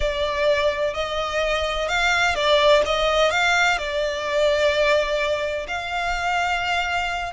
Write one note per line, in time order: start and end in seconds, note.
0.00 0.94 D5
0.94 1.88 D#5
1.88 2.35 F5
2.35 2.82 D5
2.85 3.30 D#5
3.30 3.78 F5
3.78 5.66 D5
5.67 7.32 F5